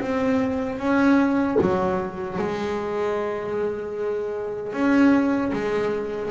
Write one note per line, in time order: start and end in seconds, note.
0.00 0.78 C4
0.78 1.57 C#4
1.61 2.38 F#3
2.38 4.73 G#3
4.73 5.52 C#4
5.53 6.31 G#3